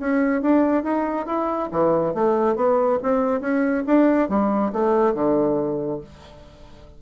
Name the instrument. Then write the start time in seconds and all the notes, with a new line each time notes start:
bassoon
0.00 C#4
0.42 D4
0.84 D#4
1.26 E4
1.72 E3
2.15 A3
2.56 B3
3.03 C4
3.41 C#4
3.87 D4
4.29 G3
4.73 A3
5.14 D3